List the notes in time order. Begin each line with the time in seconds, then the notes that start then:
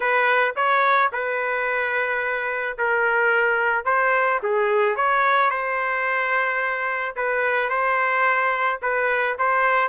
0.00 B4
0.56 C#5
1.12 B4
2.78 A#4
3.85 C5
4.42 G#4
4.95 C#5
5.50 C5
7.16 B4
7.69 C5
8.82 B4
9.38 C5